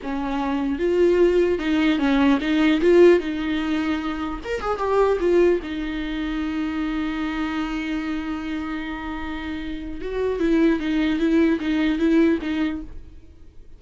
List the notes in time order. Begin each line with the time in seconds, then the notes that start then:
0.02 C#4
0.79 F4
1.59 D#4
1.99 C#4
2.41 D#4
2.81 F4
3.19 D#4
4.44 A#4
4.61 G#4
4.78 G4
5.19 F4
5.62 D#4
10.01 F#4
10.39 E4
10.79 D#4
11.19 E4
11.60 D#4
11.98 E4
12.41 D#4